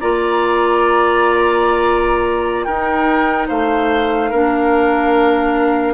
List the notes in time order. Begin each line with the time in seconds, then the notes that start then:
0.00 A#3 F4 D5 A#5
2.64 D#4 A#4 G5
3.48 A3 C5 F5
4.30 A#3 D4 A#4